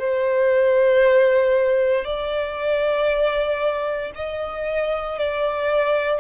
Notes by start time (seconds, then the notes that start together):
0.00 C5
2.05 D5
4.16 D#5
5.19 D5